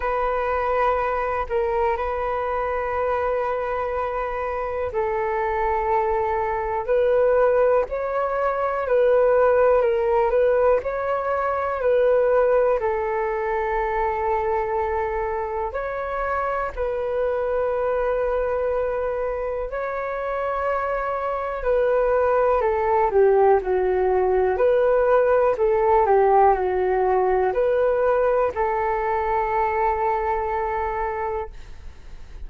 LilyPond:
\new Staff \with { instrumentName = "flute" } { \time 4/4 \tempo 4 = 61 b'4. ais'8 b'2~ | b'4 a'2 b'4 | cis''4 b'4 ais'8 b'8 cis''4 | b'4 a'2. |
cis''4 b'2. | cis''2 b'4 a'8 g'8 | fis'4 b'4 a'8 g'8 fis'4 | b'4 a'2. | }